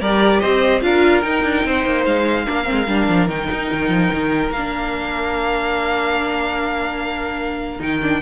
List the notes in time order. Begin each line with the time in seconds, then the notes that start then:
0.00 G3 G4 A#4 D5
0.40 C4 C5 D#5
0.82 D4 F4 A#4 F5
1.21 D#4 G5
1.43 D4
1.64 C4 C5
1.85 A#3
2.06 G#3 F5
2.45 A#3 D4 A#4
2.64 C4
2.71 G#3
2.88 G3 D4
3.09 F3
3.28 D#3 D#4 G5
3.51 D#4
3.72 D#3
3.89 F3
4.13 D#3
4.51 A#3 F5
4.57 D4
7.79 D#3 D#4 G5
8.02 D4